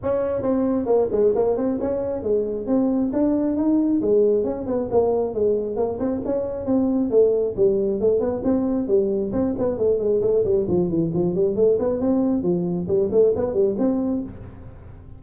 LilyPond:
\new Staff \with { instrumentName = "tuba" } { \time 4/4 \tempo 4 = 135 cis'4 c'4 ais8 gis8 ais8 c'8 | cis'4 gis4 c'4 d'4 | dis'4 gis4 cis'8 b8 ais4 | gis4 ais8 c'8 cis'4 c'4 |
a4 g4 a8 b8 c'4 | g4 c'8 b8 a8 gis8 a8 g8 | f8 e8 f8 g8 a8 b8 c'4 | f4 g8 a8 b8 g8 c'4 | }